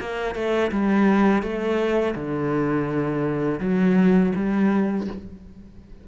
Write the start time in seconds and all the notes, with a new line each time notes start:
0.00 A#3
0.35 A3
0.71 G3
1.42 A3
2.15 D3
3.60 F#3
4.35 G3